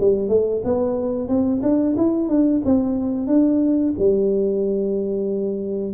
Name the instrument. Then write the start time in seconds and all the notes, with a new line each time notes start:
tuba
0.00 G3
0.28 A3
0.64 B3
1.28 C4
1.62 D4
1.97 E4
2.28 D4
2.65 C4
3.27 D4
3.98 G3